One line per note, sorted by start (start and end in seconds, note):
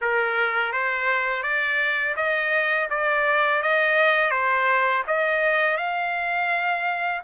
0.01 0.72 A#4
0.72 1.42 C5
1.42 2.15 D5
2.16 2.88 D#5
2.89 3.62 D5
3.62 4.30 D#5
4.30 5.03 C5
5.07 5.77 D#5
5.77 7.21 F5